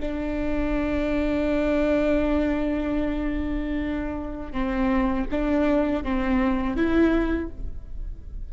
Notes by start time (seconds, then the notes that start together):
0.00 D4
4.53 C4
5.31 D4
6.03 C4
6.76 E4